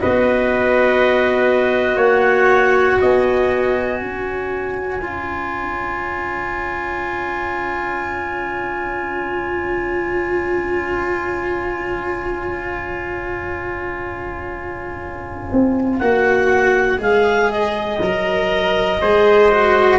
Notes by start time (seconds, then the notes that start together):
0.00 B3 F#4 B4 D#5
1.96 A#3 C#5 F#5
3.01 B3 D#5 G#5
4.00 C#4 C#5
5.01 F4
15.52 C4
15.99 A#3 F#4 F#5
16.98 G#3 G#4 F5
17.51 D#5
18.00 F#3 A#4
19.01 G#3 G#4 C5
19.51 F#4